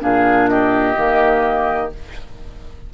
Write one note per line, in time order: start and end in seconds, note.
0.00 0.97 A#2
0.00 0.94 D4
0.00 0.50 G#4
0.00 0.49 F5
0.49 1.93 G4
0.49 1.92 D#5
0.94 1.92 D#3
0.94 1.90 A#3